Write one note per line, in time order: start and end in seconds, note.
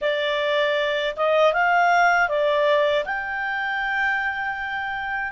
0.01 1.15 D5
1.16 1.53 D#5
1.53 2.29 F5
2.29 3.04 D5
3.05 5.31 G5